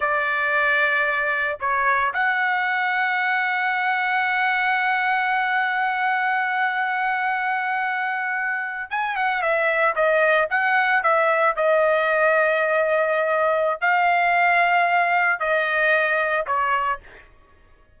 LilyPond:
\new Staff \with { instrumentName = "trumpet" } { \time 4/4 \tempo 4 = 113 d''2. cis''4 | fis''1~ | fis''1~ | fis''1~ |
fis''8. gis''8 fis''8 e''4 dis''4 fis''16~ | fis''8. e''4 dis''2~ dis''16~ | dis''2 f''2~ | f''4 dis''2 cis''4 | }